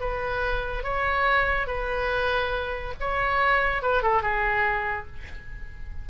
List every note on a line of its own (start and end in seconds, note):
0.00 0.84 B4
0.84 1.67 C#5
1.67 2.94 B4
3.00 3.82 C#5
3.82 4.03 B4
4.03 4.22 A4
4.22 5.07 G#4